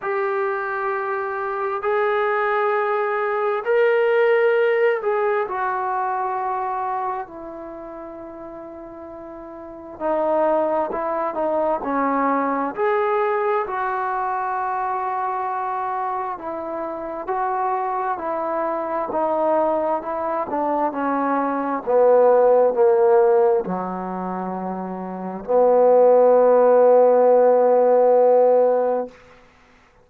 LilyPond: \new Staff \with { instrumentName = "trombone" } { \time 4/4 \tempo 4 = 66 g'2 gis'2 | ais'4. gis'8 fis'2 | e'2. dis'4 | e'8 dis'8 cis'4 gis'4 fis'4~ |
fis'2 e'4 fis'4 | e'4 dis'4 e'8 d'8 cis'4 | b4 ais4 fis2 | b1 | }